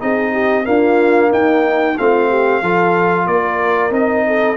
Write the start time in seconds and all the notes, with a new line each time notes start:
0.00 C4 D#4 G#4 D#5
0.32 G4
0.65 A#3 D4 F4 F5
1.30 D#4 G5
1.98 A3 C4 F4 F5
2.29 G4
2.62 F3 F4 A4
3.27 A#3 A#4 D5
3.91 C4 D#4 D#5
4.27 A4